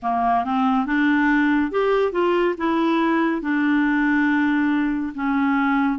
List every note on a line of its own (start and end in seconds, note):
0.02 0.44 A#3
0.44 0.86 C4
0.86 1.71 D4
1.71 2.12 G4
2.12 2.55 F4
2.57 3.41 E4
3.41 5.13 D4
5.14 5.98 C#4